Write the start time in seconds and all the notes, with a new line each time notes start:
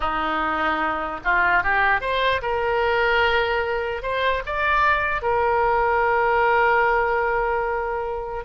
0.00 D#4
1.24 F4
1.63 G4
2.00 C5
2.42 A#4
4.02 C5
4.46 D5
5.22 A#4